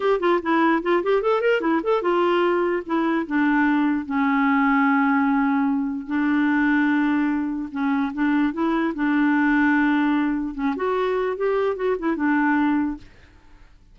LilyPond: \new Staff \with { instrumentName = "clarinet" } { \time 4/4 \tempo 4 = 148 g'8 f'8 e'4 f'8 g'8 a'8 ais'8 | e'8 a'8 f'2 e'4 | d'2 cis'2~ | cis'2. d'4~ |
d'2. cis'4 | d'4 e'4 d'2~ | d'2 cis'8 fis'4. | g'4 fis'8 e'8 d'2 | }